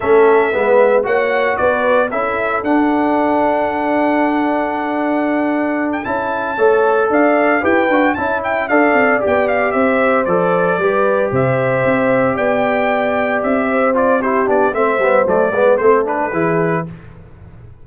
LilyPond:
<<
  \new Staff \with { instrumentName = "trumpet" } { \time 4/4 \tempo 4 = 114 e''2 fis''4 d''4 | e''4 fis''2.~ | fis''2.~ fis''16 g''16 a''8~ | a''4. f''4 g''4 a''8 |
g''8 f''4 g''8 f''8 e''4 d''8~ | d''4. e''2 g''8~ | g''4. e''4 d''8 c''8 d''8 | e''4 d''4 c''8 b'4. | }
  \new Staff \with { instrumentName = "horn" } { \time 4/4 a'4 b'4 cis''4 b'4 | a'1~ | a'1~ | a'8 cis''4 d''4 b'4 e''8~ |
e''8 d''2 c''4.~ | c''8 b'4 c''2 d''8~ | d''2 c''4 g'4 | c''4. b'8 a'4 gis'4 | }
  \new Staff \with { instrumentName = "trombone" } { \time 4/4 cis'4 b4 fis'2 | e'4 d'2.~ | d'2.~ d'8 e'8~ | e'8 a'2 g'8 fis'8 e'8~ |
e'8 a'4 g'2 a'8~ | a'8 g'2.~ g'8~ | g'2~ g'8 f'8 e'8 d'8 | c'8 b8 a8 b8 c'8 d'8 e'4 | }
  \new Staff \with { instrumentName = "tuba" } { \time 4/4 a4 gis4 ais4 b4 | cis'4 d'2.~ | d'2.~ d'8 cis'8~ | cis'8 a4 d'4 e'8 d'8 cis'8~ |
cis'8 d'8 c'8 b4 c'4 f8~ | f8 g4 c4 c'4 b8~ | b4. c'2 b8 | a8 g8 fis8 gis8 a4 e4 | }
>>